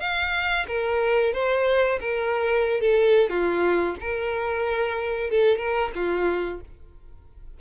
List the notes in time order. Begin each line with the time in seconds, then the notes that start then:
0.00 F5
0.67 A#4
1.33 C5
2.00 A#4
2.81 A4
3.29 F4
4.00 A#4
5.30 A4
5.58 A#4
5.95 F4